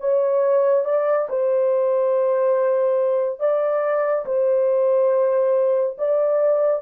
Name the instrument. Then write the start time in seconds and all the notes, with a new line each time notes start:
horn
0.00 C#5
0.85 D5
1.29 C5
3.39 D5
4.25 C5
5.98 D5